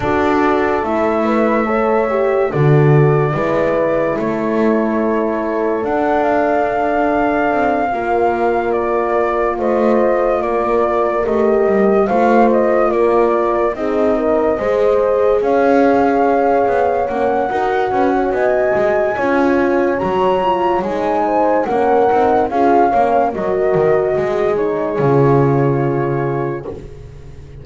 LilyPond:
<<
  \new Staff \with { instrumentName = "flute" } { \time 4/4 \tempo 4 = 72 d''4 e''2 d''4~ | d''4 cis''2 fis''8 f''8~ | f''2~ f''8 d''4 dis''8~ | dis''8 d''4 dis''4 f''8 dis''8 d''8~ |
d''8 dis''2 f''4.~ | f''8 fis''4. gis''2 | ais''4 gis''4 fis''4 f''4 | dis''4. cis''2~ cis''8 | }
  \new Staff \with { instrumentName = "horn" } { \time 4/4 a'4. b'8 cis''4 a'4 | b'4 a'2.~ | a'4. ais'2 c''8~ | c''8 ais'2 c''4 ais'8~ |
ais'8 gis'8 ais'8 c''4 cis''4.~ | cis''4 ais'8 b'16 cis''16 dis''4 cis''4~ | cis''4. c''8 ais'4 gis'8 cis''8 | ais'4 gis'2. | }
  \new Staff \with { instrumentName = "horn" } { \time 4/4 fis'4 e'4 a'8 g'8 fis'4 | e'2. d'4~ | d'4. f'2~ f'8~ | f'4. g'4 f'4.~ |
f'8 dis'4 gis'2~ gis'8~ | gis'8 cis'8 fis'2 f'4 | fis'8 f'8 dis'4 cis'8 dis'8 f'8 cis'8 | fis'4. dis'8 f'2 | }
  \new Staff \with { instrumentName = "double bass" } { \time 4/4 d'4 a2 d4 | gis4 a2 d'4~ | d'4 c'8 ais2 a8~ | a8 ais4 a8 g8 a4 ais8~ |
ais8 c'4 gis4 cis'4. | b8 ais8 dis'8 cis'8 b8 gis8 cis'4 | fis4 gis4 ais8 c'8 cis'8 ais8 | fis8 dis8 gis4 cis2 | }
>>